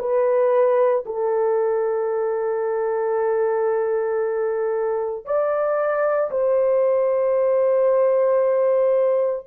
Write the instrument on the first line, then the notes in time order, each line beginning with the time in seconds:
horn
0.00 B4
1.06 A4
5.26 D5
6.31 C5